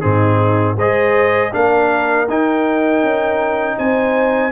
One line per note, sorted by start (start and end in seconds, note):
0.00 0.76 G#2
0.00 0.76 C4
0.00 0.75 D#4
0.00 0.75 G#4
0.75 1.51 G#3
0.75 1.52 G#4
0.75 1.50 C5
0.75 1.53 D#5
1.52 2.28 A#3
1.52 2.27 D4
1.52 3.78 A#4
1.52 2.28 F5
2.28 3.02 D#4
2.28 4.51 D#4
2.28 3.78 G5
3.02 3.77 C#4
3.78 4.51 C4
3.78 4.51 C5
3.78 4.51 G#5